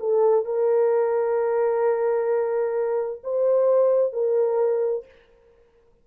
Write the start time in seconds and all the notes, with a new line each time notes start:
0.00 A4
0.45 A#4
3.24 C5
4.13 A#4